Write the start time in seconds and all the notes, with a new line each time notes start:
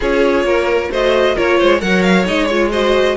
0.00 C#4 F4 G#4 C#5
0.43 A#3 A#4
0.91 A3 F#4 C5 D#5
1.35 A#3 F4 A#4 C#5
1.58 G#3 C5
1.80 F#3 A#4 C#5 F#5
2.02 F5
2.25 G#3 D#4 D#5
2.46 F4 C#5
2.70 F#4 C5 D#5